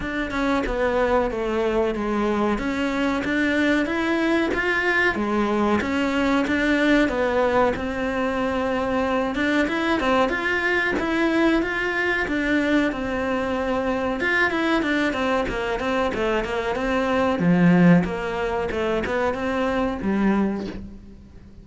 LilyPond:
\new Staff \with { instrumentName = "cello" } { \time 4/4 \tempo 4 = 93 d'8 cis'8 b4 a4 gis4 | cis'4 d'4 e'4 f'4 | gis4 cis'4 d'4 b4 | c'2~ c'8 d'8 e'8 c'8 |
f'4 e'4 f'4 d'4 | c'2 f'8 e'8 d'8 c'8 | ais8 c'8 a8 ais8 c'4 f4 | ais4 a8 b8 c'4 g4 | }